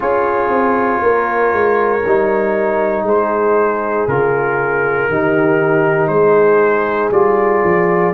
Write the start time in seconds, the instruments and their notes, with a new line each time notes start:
0.00 tuba C#4, trombone F4, horn G#4, trumpet C#5
0.49 tuba C4
1.02 tuba A#3, horn A#4
1.53 tuba G#3
2.05 tuba G3, trombone D#4
3.03 tuba G#3, horn G#4, trumpet C5
4.07 tuba C#3, trombone F4, trumpet A#4
5.08 tuba D#3, trombone D#4, horn G4
6.07 tuba G#3, horn G#4, trumpet C5
7.11 tuba G3, trombone F4, trumpet D5
7.64 tuba F3